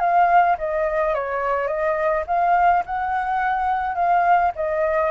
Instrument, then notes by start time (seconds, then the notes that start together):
flute
0.00 F5
0.58 D#5
1.14 C#5
1.67 D#5
2.27 F5
2.86 F#5
3.95 F5
4.55 D#5